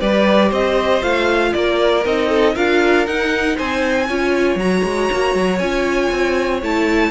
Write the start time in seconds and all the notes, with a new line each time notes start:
0.00 G3 G4 B4 D5
0.49 C4 C5 D#5
1.02 A3 F4 F5
1.53 A#3 A#4 D5
2.05 C4 D#4 D#5
2.29 A4
2.55 D4 F4 A#4 F5
3.06 D#4 F#5
3.56 C4 C5 G#5
4.08 C#4 F4 C#5
4.56 F#3 F#4 A#5
4.84 G#3
5.12 A#3
5.35 F#3
5.58 C#4 F4 G#5
6.11 C4
6.62 A3 E4 A5